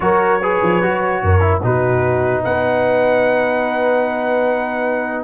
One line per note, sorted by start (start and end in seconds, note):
0.00 0.60 F#3
0.00 0.40 F#4
0.00 0.41 A#4
0.00 1.60 C#5
0.41 0.82 G#4
0.41 1.22 B4
0.62 0.82 F3
0.82 1.22 F#3
0.82 1.40 F#4
1.22 1.62 F#2
1.22 1.63 A#4
1.40 1.60 E4
1.62 2.43 B2
1.62 5.24 D#4
1.62 2.43 F#4
1.62 2.43 B4
2.43 5.24 B3
2.43 5.24 B4
2.43 5.24 F#5